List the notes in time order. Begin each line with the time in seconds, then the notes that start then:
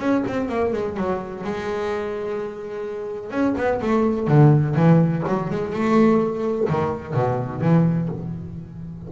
0.00 C#4
0.28 C4
0.49 A#3
0.73 G#3
0.97 F#3
1.44 G#3
3.31 C#4
3.57 B3
3.82 A3
4.28 D3
4.76 E3
5.28 F#3
5.51 G#3
5.73 A3
6.69 D#3
7.14 B2
7.62 E3